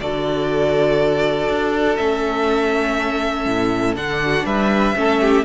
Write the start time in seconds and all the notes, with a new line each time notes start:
0.00 D3 F#4 A4 D5
1.48 D4
1.96 A3 C#4 E5
3.45 A2
3.95 D3 D4 F#5
4.23 F#4
4.45 G3 B4 E5
4.95 A3 C#4 A4
5.20 G4